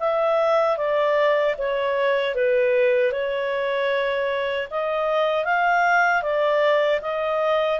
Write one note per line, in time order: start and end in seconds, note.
0.00 0.78 E5
0.78 1.55 D5
1.59 2.35 C#5
2.35 3.12 B4
3.12 4.68 C#5
4.71 5.45 D#5
5.45 6.23 F5
6.23 7.01 D5
7.02 7.80 D#5